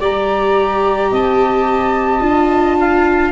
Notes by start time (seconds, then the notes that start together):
0.00 G3 G4 D5 A#5
1.12 C4 D#5 A5
2.20 D4 F4
2.80 F5